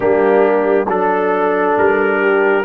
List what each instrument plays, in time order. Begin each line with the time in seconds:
0.00 tuba G3, trombone A#3, horn D4, trumpet G4
0.87 tuba F#3, trombone D4, trumpet A4, horn A4
1.77 tuba G3, trumpet A#4
2.20 horn G4